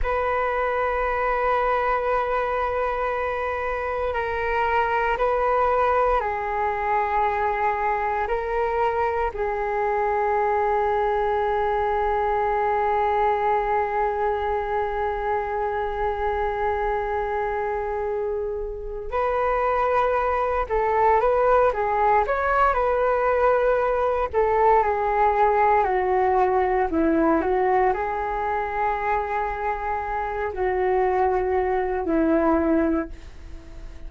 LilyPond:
\new Staff \with { instrumentName = "flute" } { \time 4/4 \tempo 4 = 58 b'1 | ais'4 b'4 gis'2 | ais'4 gis'2.~ | gis'1~ |
gis'2~ gis'8 b'4. | a'8 b'8 gis'8 cis''8 b'4. a'8 | gis'4 fis'4 e'8 fis'8 gis'4~ | gis'4. fis'4. e'4 | }